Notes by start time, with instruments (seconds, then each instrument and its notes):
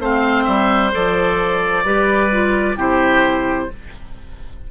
0.00 bassoon A3, clarinet C4, oboe C5 F5
0.44 bassoon G3, oboe E5
0.92 bassoon F3, clarinet A4, oboe D5
1.85 bassoon G3, clarinet G4, oboe B4
2.32 clarinet F4
2.76 bassoon C3, clarinet E4, oboe G4 C5